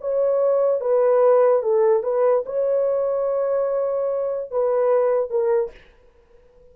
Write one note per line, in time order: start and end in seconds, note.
0.00 0.80 C#5
0.80 1.62 B4
1.62 2.02 A4
2.02 2.44 B4
2.45 4.51 C#5
4.51 5.30 B4
5.30 5.71 A#4